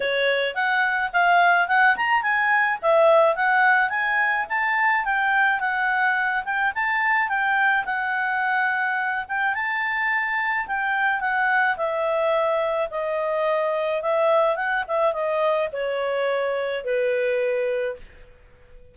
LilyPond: \new Staff \with { instrumentName = "clarinet" } { \time 4/4 \tempo 4 = 107 cis''4 fis''4 f''4 fis''8 ais''8 | gis''4 e''4 fis''4 gis''4 | a''4 g''4 fis''4. g''8 | a''4 g''4 fis''2~ |
fis''8 g''8 a''2 g''4 | fis''4 e''2 dis''4~ | dis''4 e''4 fis''8 e''8 dis''4 | cis''2 b'2 | }